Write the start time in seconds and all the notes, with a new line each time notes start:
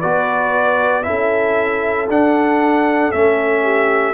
0.00 B3 F#4 B4 D5
1.04 C#4 E4 A4 E5
2.09 D4 F#5
3.12 A3 C#4 E5
3.63 G4